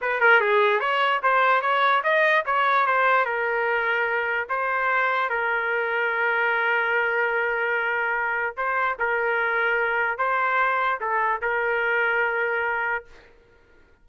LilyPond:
\new Staff \with { instrumentName = "trumpet" } { \time 4/4 \tempo 4 = 147 b'8 ais'8 gis'4 cis''4 c''4 | cis''4 dis''4 cis''4 c''4 | ais'2. c''4~ | c''4 ais'2.~ |
ais'1~ | ais'4 c''4 ais'2~ | ais'4 c''2 a'4 | ais'1 | }